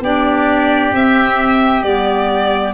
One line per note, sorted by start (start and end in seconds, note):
0.00 0.91 B3
0.00 0.95 D4
0.00 2.74 G4
0.00 0.95 D5
0.92 1.83 C4
0.92 1.84 C4
0.92 1.82 E5
1.82 2.73 G3
1.82 2.74 B3
1.82 2.73 D5